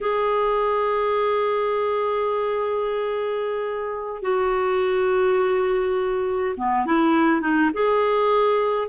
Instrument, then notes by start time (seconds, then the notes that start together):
clarinet
0.00 G#4
4.22 F#4
6.57 B3
6.86 E4
7.41 D#4
7.73 G#4